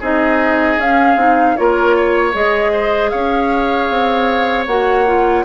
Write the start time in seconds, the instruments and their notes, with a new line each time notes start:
0.00 bassoon C4, clarinet D#4, oboe G#4, flute D#5
0.78 bassoon C#4, clarinet C#4, flute F5
1.16 bassoon C4, clarinet D#4
1.57 bassoon A#3, clarinet F4, oboe A#4, flute C#5
1.96 oboe C#5
2.33 bassoon G#3, clarinet G#4, flute D#5
2.72 oboe C5
3.09 bassoon C#4, oboe C#5, flute F5
3.90 bassoon C4
4.67 bassoon A#3, clarinet F#4, flute F#5
5.06 clarinet F4